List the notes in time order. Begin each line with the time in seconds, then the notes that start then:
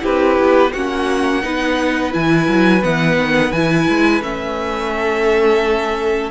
0.00 C4 E4 G4 B4
0.39 B3
0.72 A#3 C#4 F#4 F#5
1.42 B3 D#4 B4
2.11 E3 E4 G#5
2.48 F#3
2.83 E3 B3 F#5
3.17 D#3
3.52 E3 E4 G#5
3.89 G#3
4.21 A3 C#4 E5
4.93 A4